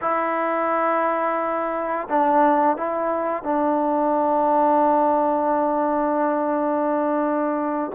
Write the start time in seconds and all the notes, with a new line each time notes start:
0.01 E4
2.09 D4
2.76 E4
3.43 D4